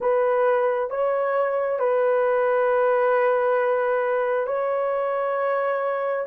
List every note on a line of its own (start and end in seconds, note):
0.00 0.90 B4
0.90 1.79 C#5
1.79 4.47 B4
4.47 6.26 C#5